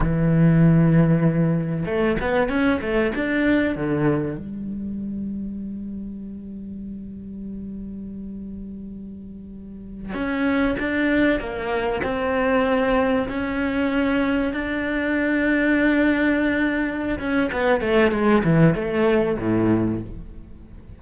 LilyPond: \new Staff \with { instrumentName = "cello" } { \time 4/4 \tempo 4 = 96 e2. a8 b8 | cis'8 a8 d'4 d4 g4~ | g1~ | g1~ |
g16 cis'4 d'4 ais4 c'8.~ | c'4~ c'16 cis'2 d'8.~ | d'2.~ d'8 cis'8 | b8 a8 gis8 e8 a4 a,4 | }